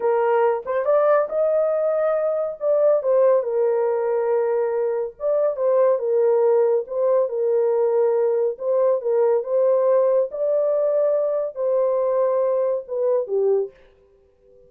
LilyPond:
\new Staff \with { instrumentName = "horn" } { \time 4/4 \tempo 4 = 140 ais'4. c''8 d''4 dis''4~ | dis''2 d''4 c''4 | ais'1 | d''4 c''4 ais'2 |
c''4 ais'2. | c''4 ais'4 c''2 | d''2. c''4~ | c''2 b'4 g'4 | }